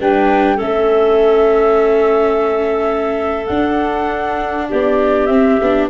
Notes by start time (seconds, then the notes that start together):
0.00 G3 D4 B4 G5
0.56 A3 C#4 A4 E5
3.47 D4 F#5
4.69 B3 G4 D5
5.26 C4 E5
5.61 B3 D4